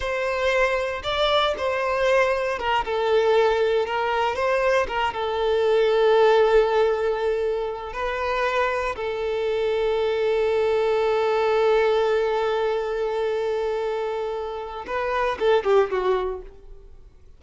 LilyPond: \new Staff \with { instrumentName = "violin" } { \time 4/4 \tempo 4 = 117 c''2 d''4 c''4~ | c''4 ais'8 a'2 ais'8~ | ais'8 c''4 ais'8 a'2~ | a'2.~ a'8 b'8~ |
b'4. a'2~ a'8~ | a'1~ | a'1~ | a'4 b'4 a'8 g'8 fis'4 | }